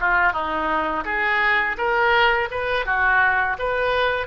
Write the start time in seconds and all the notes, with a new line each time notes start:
0.00 F4
0.32 D#4
1.05 G#4
1.77 A#4
2.51 B4
2.85 F#4
3.59 B4